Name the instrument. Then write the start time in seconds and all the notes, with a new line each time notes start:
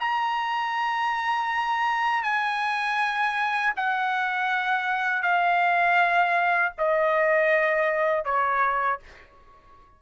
trumpet
0.00 A#5
2.23 G#5
3.76 F#5
5.22 F5
6.78 D#5
8.25 C#5